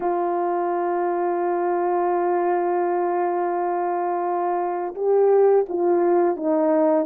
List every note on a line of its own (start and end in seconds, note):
0.00 4.94 F4
4.94 5.65 G4
5.69 6.36 F4
6.36 7.06 D#4